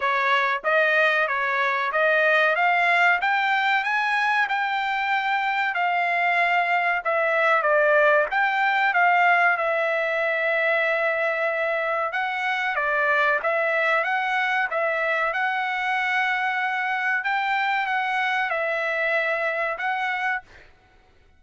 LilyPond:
\new Staff \with { instrumentName = "trumpet" } { \time 4/4 \tempo 4 = 94 cis''4 dis''4 cis''4 dis''4 | f''4 g''4 gis''4 g''4~ | g''4 f''2 e''4 | d''4 g''4 f''4 e''4~ |
e''2. fis''4 | d''4 e''4 fis''4 e''4 | fis''2. g''4 | fis''4 e''2 fis''4 | }